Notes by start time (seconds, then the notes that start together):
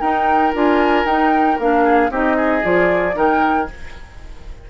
0.00 D#4 A#4 G5
0.53 D4 F4 G#5
1.04 D#4 G5
1.58 A#3 D4 F5
1.84 G#4
2.10 C4 D#4 G4 D#5
2.36 G#4
2.63 F3 F4 D5
3.12 D#3 D#4 A#4 G5